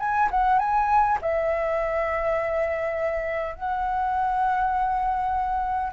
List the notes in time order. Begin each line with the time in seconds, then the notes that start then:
0.00 G#5
0.31 F#5
0.59 G#5
1.22 E5
3.55 F#5